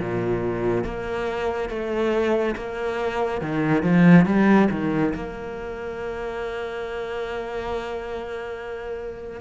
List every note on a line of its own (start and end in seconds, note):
0.00 0.85 A#2
0.85 1.70 A#3
1.70 2.56 A3
2.57 3.42 A#3
3.42 3.83 D#3
3.83 4.26 F3
4.26 4.69 G3
4.71 5.14 D#3
5.15 9.41 A#3